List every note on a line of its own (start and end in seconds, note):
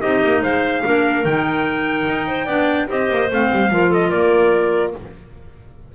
0.00 0.23 C4
0.00 0.83 D#4
0.00 0.41 G4
0.00 0.42 D#5
0.24 0.42 A#3
0.41 0.83 G#3
0.41 0.82 C5
0.41 1.25 F5
0.83 1.24 A#3
0.83 1.24 D4
0.83 2.27 A#4
1.24 2.07 D#3
1.24 2.47 D#4
1.24 2.89 G5
2.07 2.46 D#4
2.27 2.45 C5
2.45 2.87 B3
2.45 2.88 D4
2.45 2.86 D5
2.88 3.09 C4
2.88 3.29 G4
2.88 3.71 C5
2.88 3.31 D#5
3.09 3.30 A#3
3.29 3.51 A3
3.29 3.70 C4
3.29 3.93 F5
3.52 3.70 G3
3.70 4.11 F3
3.70 4.93 F4
3.70 3.89 A#4
3.89 4.09 A4
3.89 4.10 D#5
4.09 4.94 A#3
4.09 4.91 A#4
4.09 4.92 D5